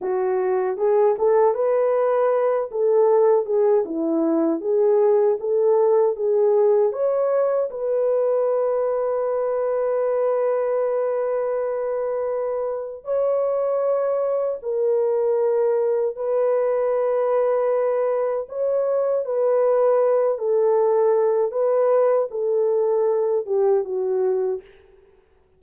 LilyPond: \new Staff \with { instrumentName = "horn" } { \time 4/4 \tempo 4 = 78 fis'4 gis'8 a'8 b'4. a'8~ | a'8 gis'8 e'4 gis'4 a'4 | gis'4 cis''4 b'2~ | b'1~ |
b'4 cis''2 ais'4~ | ais'4 b'2. | cis''4 b'4. a'4. | b'4 a'4. g'8 fis'4 | }